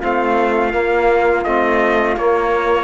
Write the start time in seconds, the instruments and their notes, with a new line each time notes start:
0.00 cello A3, trombone C4, flute F4, trumpet F5
0.72 trombone A#3, cello A#3
1.44 cello A3, trombone C4, trumpet D#5
2.16 cello A#3, trombone A#3, trumpet C#5